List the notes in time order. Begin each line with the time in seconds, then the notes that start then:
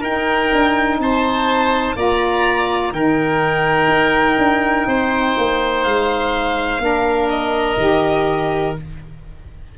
0.00 D#4 A#4 G5
0.52 D4
0.98 C4 C5 A5
1.96 A#3 F4 D5 A#5
2.92 D#3 D#4 A#4 G5
3.87 D#4
4.37 D4
4.86 C4 C5
5.37 A#3
5.83 G#3 F5
6.79 A#3 D4 A#4
7.29 D#5
7.76 D#3 G4